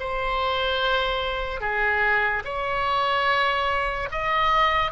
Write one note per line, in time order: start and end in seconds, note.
0.00 1.61 C5
1.61 2.43 G#4
2.45 4.09 C#5
4.11 4.92 D#5